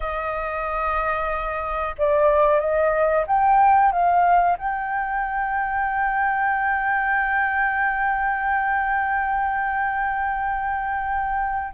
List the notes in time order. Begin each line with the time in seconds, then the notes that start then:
0.00 D#5
1.97 D5
2.59 D#5
3.26 G5
3.91 F5
4.58 G5